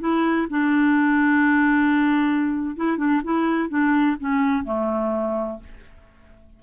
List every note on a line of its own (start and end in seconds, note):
0.00 0.48 E4
0.50 2.76 D4
2.77 2.98 E4
2.98 3.22 D4
3.24 3.69 E4
3.69 4.17 D4
4.20 4.65 C#4
4.65 5.60 A3